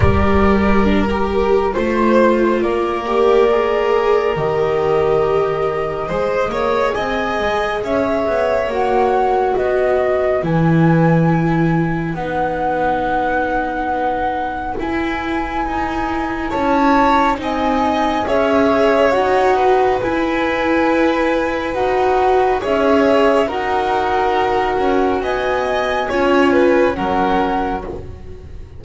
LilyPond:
<<
  \new Staff \with { instrumentName = "flute" } { \time 4/4 \tempo 4 = 69 d''4 ais'4 c''4 d''4~ | d''4 dis''2. | gis''4 e''4 fis''4 dis''4 | gis''2 fis''2~ |
fis''4 gis''2 a''4 | gis''4 e''4 fis''4 gis''4~ | gis''4 fis''4 e''4 fis''4~ | fis''4 gis''2 fis''4 | }
  \new Staff \with { instrumentName = "violin" } { \time 4/4 ais'2 c''4 ais'4~ | ais'2. c''8 cis''8 | dis''4 cis''2 b'4~ | b'1~ |
b'2. cis''4 | dis''4 cis''4. b'4.~ | b'2 cis''4 ais'4~ | ais'4 dis''4 cis''8 b'8 ais'4 | }
  \new Staff \with { instrumentName = "viola" } { \time 4/4 g'4 d'16 g'8. f'4. g'8 | gis'4 g'2 gis'4~ | gis'2 fis'2 | e'2 dis'2~ |
dis'4 e'2. | dis'4 gis'4 fis'4 e'4~ | e'4 fis'4 gis'4 fis'4~ | fis'2 f'4 cis'4 | }
  \new Staff \with { instrumentName = "double bass" } { \time 4/4 g2 a4 ais4~ | ais4 dis2 gis8 ais8 | c'8 gis8 cis'8 b8 ais4 b4 | e2 b2~ |
b4 e'4 dis'4 cis'4 | c'4 cis'4 dis'4 e'4~ | e'4 dis'4 cis'4 dis'4~ | dis'8 cis'8 b4 cis'4 fis4 | }
>>